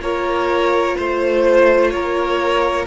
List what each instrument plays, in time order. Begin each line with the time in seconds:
0.00 cello A#3, viola F4, violin A#4 C#5
0.96 cello A3, violin C5
1.90 cello A#3, violin A#4 C#5